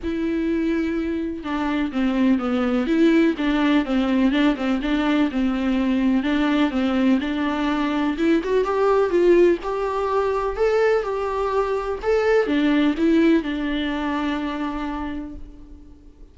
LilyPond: \new Staff \with { instrumentName = "viola" } { \time 4/4 \tempo 4 = 125 e'2. d'4 | c'4 b4 e'4 d'4 | c'4 d'8 c'8 d'4 c'4~ | c'4 d'4 c'4 d'4~ |
d'4 e'8 fis'8 g'4 f'4 | g'2 a'4 g'4~ | g'4 a'4 d'4 e'4 | d'1 | }